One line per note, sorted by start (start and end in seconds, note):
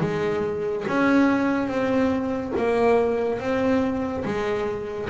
0.00 0.85 G#3
0.87 1.68 C#4
1.68 2.52 C4
2.57 3.40 A#3
3.40 4.24 C4
4.25 5.09 G#3